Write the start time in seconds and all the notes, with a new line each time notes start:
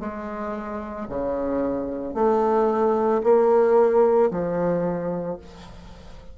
0.00 G#3
1.10 C#3
2.15 A3
3.23 A#3
4.31 F3